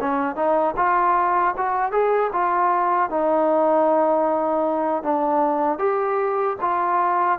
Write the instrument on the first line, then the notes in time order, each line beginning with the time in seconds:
trombone
0.00 C#4
0.35 D#4
0.76 F4
1.57 F#4
1.92 G#4
2.32 F4
3.09 D#4
5.03 D4
5.78 G4
6.61 F4